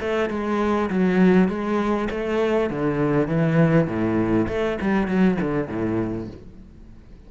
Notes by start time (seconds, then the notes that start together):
0.00 A3
0.30 G#3
0.90 F#3
1.48 G#3
2.10 A3
2.70 D3
3.27 E3
3.87 A2
4.48 A3
4.81 G3
5.08 F#3
5.41 D3
5.68 A2